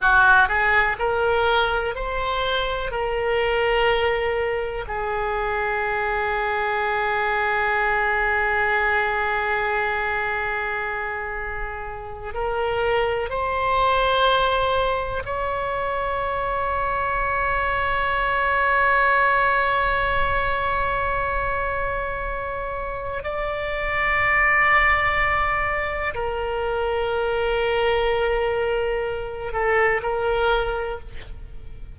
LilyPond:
\new Staff \with { instrumentName = "oboe" } { \time 4/4 \tempo 4 = 62 fis'8 gis'8 ais'4 c''4 ais'4~ | ais'4 gis'2.~ | gis'1~ | gis'8. ais'4 c''2 cis''16~ |
cis''1~ | cis''1 | d''2. ais'4~ | ais'2~ ais'8 a'8 ais'4 | }